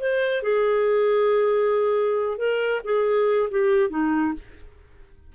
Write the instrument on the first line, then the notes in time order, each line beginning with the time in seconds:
clarinet
0.00 C5
0.42 G#4
2.37 A#4
2.84 G#4
3.50 G4
3.90 D#4